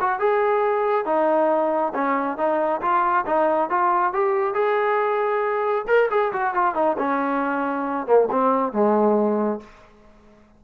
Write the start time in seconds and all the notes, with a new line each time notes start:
0.00 F#4
0.19 G#4
1.05 D#4
1.94 C#4
2.37 D#4
2.81 F4
3.26 D#4
3.69 F4
4.13 G4
4.54 G#4
5.87 A#4
6.10 G#4
6.32 F#4
6.54 F4
6.74 D#4
6.98 C#4
8.06 A#3
8.31 C4
8.72 G#3